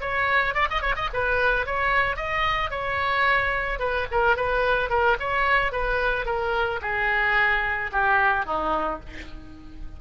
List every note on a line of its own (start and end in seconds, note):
0.00 0.54 C#5
0.54 0.68 D5
0.70 0.81 D#5
0.81 0.95 C#5
0.95 1.09 D#5
1.13 1.66 B4
1.66 2.16 C#5
2.16 2.70 D#5
2.70 3.79 C#5
3.79 4.06 B4
4.11 4.36 A#4
4.36 4.89 B4
4.89 5.16 A#4
5.19 5.72 C#5
5.72 6.25 B4
6.25 6.80 A#4
6.81 7.90 G#4
7.92 8.45 G4
8.45 9.00 D#4